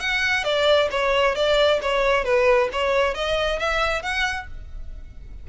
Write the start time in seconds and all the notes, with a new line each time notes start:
0.00 F#5
0.44 D5
0.91 C#5
1.35 D5
1.82 C#5
2.24 B4
2.72 C#5
3.14 D#5
3.59 E5
4.03 F#5